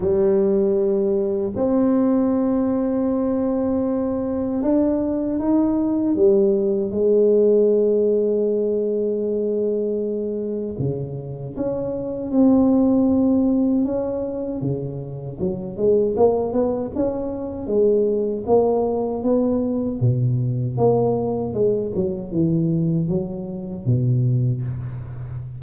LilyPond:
\new Staff \with { instrumentName = "tuba" } { \time 4/4 \tempo 4 = 78 g2 c'2~ | c'2 d'4 dis'4 | g4 gis2.~ | gis2 cis4 cis'4 |
c'2 cis'4 cis4 | fis8 gis8 ais8 b8 cis'4 gis4 | ais4 b4 b,4 ais4 | gis8 fis8 e4 fis4 b,4 | }